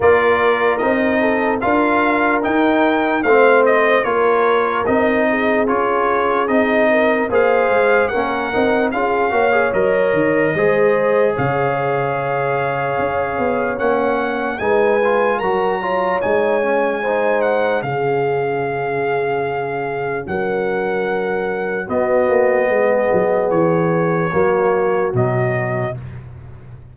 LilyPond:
<<
  \new Staff \with { instrumentName = "trumpet" } { \time 4/4 \tempo 4 = 74 d''4 dis''4 f''4 g''4 | f''8 dis''8 cis''4 dis''4 cis''4 | dis''4 f''4 fis''4 f''4 | dis''2 f''2~ |
f''4 fis''4 gis''4 ais''4 | gis''4. fis''8 f''2~ | f''4 fis''2 dis''4~ | dis''4 cis''2 dis''4 | }
  \new Staff \with { instrumentName = "horn" } { \time 4/4 ais'4. a'8 ais'2 | c''4 ais'4. gis'4.~ | gis'8 ais'8 c''4 ais'4 gis'8 cis''8~ | cis''4 c''4 cis''2~ |
cis''2 b'4 ais'8 cis''8~ | cis''4 c''4 gis'2~ | gis'4 ais'2 fis'4 | gis'2 fis'2 | }
  \new Staff \with { instrumentName = "trombone" } { \time 4/4 f'4 dis'4 f'4 dis'4 | c'4 f'4 dis'4 f'4 | dis'4 gis'4 cis'8 dis'8 f'8 fis'16 gis'16 | ais'4 gis'2.~ |
gis'4 cis'4 dis'8 f'8 fis'8 f'8 | dis'8 cis'8 dis'4 cis'2~ | cis'2. b4~ | b2 ais4 fis4 | }
  \new Staff \with { instrumentName = "tuba" } { \time 4/4 ais4 c'4 d'4 dis'4 | a4 ais4 c'4 cis'4 | c'4 ais8 gis8 ais8 c'8 cis'8 ais8 | fis8 dis8 gis4 cis2 |
cis'8 b8 ais4 gis4 fis4 | gis2 cis2~ | cis4 fis2 b8 ais8 | gis8 fis8 e4 fis4 b,4 | }
>>